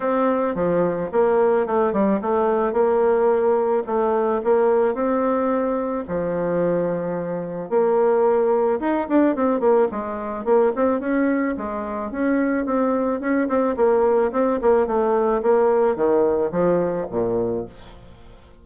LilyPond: \new Staff \with { instrumentName = "bassoon" } { \time 4/4 \tempo 4 = 109 c'4 f4 ais4 a8 g8 | a4 ais2 a4 | ais4 c'2 f4~ | f2 ais2 |
dis'8 d'8 c'8 ais8 gis4 ais8 c'8 | cis'4 gis4 cis'4 c'4 | cis'8 c'8 ais4 c'8 ais8 a4 | ais4 dis4 f4 ais,4 | }